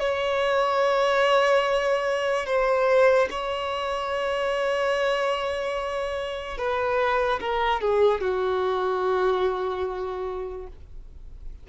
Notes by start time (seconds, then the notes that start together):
0.00 C#5
2.47 C5
3.31 C#5
6.58 B4
7.40 A#4
7.81 G#4
8.21 F#4